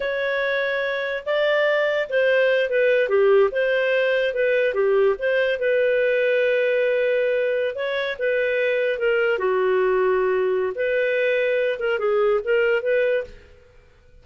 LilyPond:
\new Staff \with { instrumentName = "clarinet" } { \time 4/4 \tempo 4 = 145 cis''2. d''4~ | d''4 c''4. b'4 g'8~ | g'8 c''2 b'4 g'8~ | g'8 c''4 b'2~ b'8~ |
b'2~ b'8. cis''4 b'16~ | b'4.~ b'16 ais'4 fis'4~ fis'16~ | fis'2 b'2~ | b'8 ais'8 gis'4 ais'4 b'4 | }